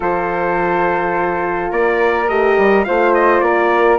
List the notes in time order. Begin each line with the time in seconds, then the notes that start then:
0.00 F3 F4 A4 C5
1.70 A#3 A#4 D5
2.28 A3 G4 D#5
2.57 G3
2.84 A3 F4 C5 F5
3.14 D#5
3.40 A#3 A#4 D5